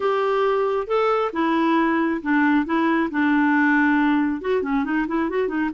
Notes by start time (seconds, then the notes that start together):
0.00 G4
0.87 A4
1.32 E4
2.21 D4
2.65 E4
3.10 D4
4.41 F#4
4.62 C#4
4.84 D#4
5.07 E4
5.29 F#4
5.47 D#4